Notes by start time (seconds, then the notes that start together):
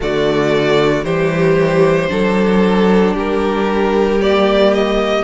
0.00 D3 A3 F#4 D5
1.04 E3 G3 G4 C5
2.09 F#3 D4 A4
3.14 G3 G4 A#4
4.21 A#3 D5
4.73 D#5